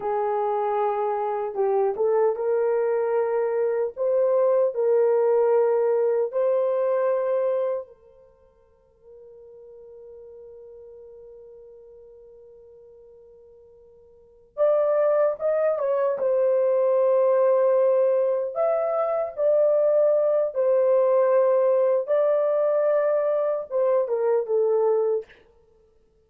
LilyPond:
\new Staff \with { instrumentName = "horn" } { \time 4/4 \tempo 4 = 76 gis'2 g'8 a'8 ais'4~ | ais'4 c''4 ais'2 | c''2 ais'2~ | ais'1~ |
ais'2~ ais'8 d''4 dis''8 | cis''8 c''2. e''8~ | e''8 d''4. c''2 | d''2 c''8 ais'8 a'4 | }